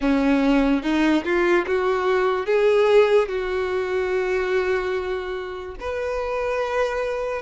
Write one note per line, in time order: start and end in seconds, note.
0.00 0.83 C#4
0.83 1.24 D#4
1.24 1.65 F4
1.67 2.46 F#4
2.46 3.28 G#4
3.28 5.75 F#4
5.80 7.42 B4